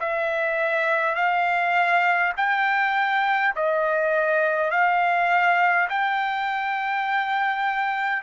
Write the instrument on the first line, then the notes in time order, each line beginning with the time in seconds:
trumpet
0.00 E5
1.15 F5
2.37 G5
3.56 D#5
4.71 F5
5.89 G5